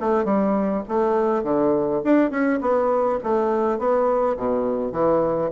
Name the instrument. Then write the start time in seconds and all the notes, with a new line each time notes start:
bassoon
0.00 A3
0.25 G3
0.88 A3
1.43 D3
2.04 D4
2.30 C#4
2.61 B3
3.23 A3
3.78 B3
4.37 B2
4.92 E3